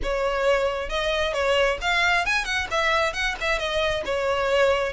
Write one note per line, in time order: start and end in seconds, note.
0.02 0.89 C#5
0.89 1.33 D#5
1.33 1.78 C#5
1.81 2.25 F5
2.25 2.44 G#5
2.44 2.67 F#5
2.70 3.13 E5
3.13 3.35 F#5
3.40 3.58 E5
3.58 4.03 D#5
4.05 4.93 C#5